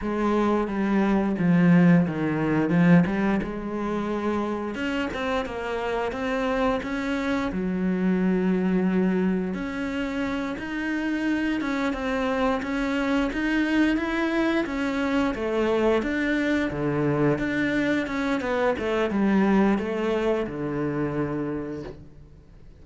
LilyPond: \new Staff \with { instrumentName = "cello" } { \time 4/4 \tempo 4 = 88 gis4 g4 f4 dis4 | f8 g8 gis2 cis'8 c'8 | ais4 c'4 cis'4 fis4~ | fis2 cis'4. dis'8~ |
dis'4 cis'8 c'4 cis'4 dis'8~ | dis'8 e'4 cis'4 a4 d'8~ | d'8 d4 d'4 cis'8 b8 a8 | g4 a4 d2 | }